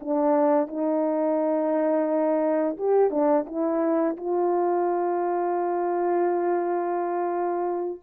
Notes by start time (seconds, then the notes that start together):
0.00 D4
0.68 D#4
2.77 G4
3.10 D4
3.46 E4
4.17 F4